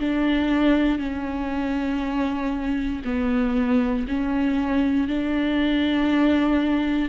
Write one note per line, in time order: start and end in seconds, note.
0.00 0.99 D4
0.99 3.02 C#4
3.05 4.07 B3
4.08 5.08 C#4
5.08 7.10 D4